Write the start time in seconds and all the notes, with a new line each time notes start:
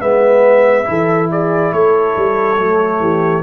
0.00 G#3 B3 B4 E5
0.84 E3 E4 A4
1.31 G#4 D5
1.72 A3 A4 C#5
2.16 G3
2.58 F#3 A3
2.99 E3 G4